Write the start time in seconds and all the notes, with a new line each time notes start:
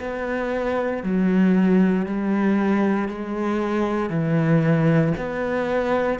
0.00 B3
1.03 F#3
2.06 G3
3.08 G#3
4.10 E3
5.17 B3